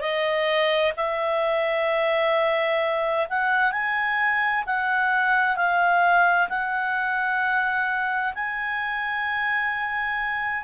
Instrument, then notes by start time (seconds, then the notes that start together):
clarinet
0.00 D#5
0.96 E5
3.29 F#5
3.71 G#5
4.66 F#5
5.56 F5
6.49 F#5
8.34 G#5